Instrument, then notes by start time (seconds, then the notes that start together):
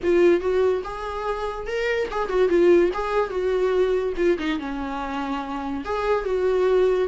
viola
0.03 F4
0.40 F#4
0.83 G#4
1.66 A#4
2.10 G#4
2.28 F#4
2.48 F4
2.93 G#4
3.30 F#4
4.16 F4
4.38 D#4
4.59 C#4
5.84 G#4
6.24 F#4